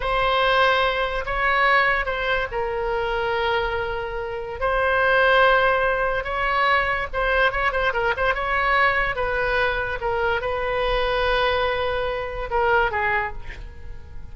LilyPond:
\new Staff \with { instrumentName = "oboe" } { \time 4/4 \tempo 4 = 144 c''2. cis''4~ | cis''4 c''4 ais'2~ | ais'2. c''4~ | c''2. cis''4~ |
cis''4 c''4 cis''8 c''8 ais'8 c''8 | cis''2 b'2 | ais'4 b'2.~ | b'2 ais'4 gis'4 | }